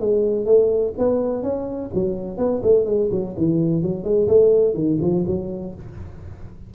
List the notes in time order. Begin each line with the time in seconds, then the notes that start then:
0.00 G#3
0.45 A3
0.98 B3
1.43 C#4
1.94 F#3
2.37 B3
2.63 A3
2.85 G#3
3.11 F#3
3.37 E3
3.82 F#3
4.04 G#3
4.28 A3
4.74 D#3
5.01 F3
5.27 F#3